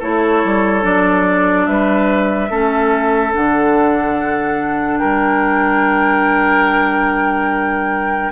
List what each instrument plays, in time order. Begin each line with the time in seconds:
0.00 bassoon A3, clarinet E4, oboe A4, flute C#5
0.44 bassoon G3
0.82 bassoon F#3, clarinet D4, flute D5
1.66 bassoon G3, oboe B4, flute E5
2.50 bassoon A3, clarinet C#4, oboe A4
3.32 bassoon D3, clarinet D4, flute F#5
4.98 bassoon G3, oboe A#4, flute G5